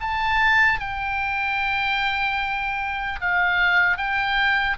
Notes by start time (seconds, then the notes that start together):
0.00 A5
0.79 G5
3.20 F5
3.97 G5